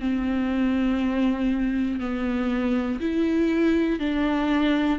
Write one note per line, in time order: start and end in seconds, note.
0.00 2.00 C4
2.00 3.00 B3
3.00 4.00 E4
4.00 4.99 D4